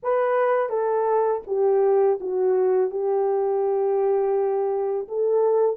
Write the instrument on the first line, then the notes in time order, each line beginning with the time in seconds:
horn
0.02 B4
0.69 A4
1.46 G4
2.20 F#4
2.90 G4
5.08 A4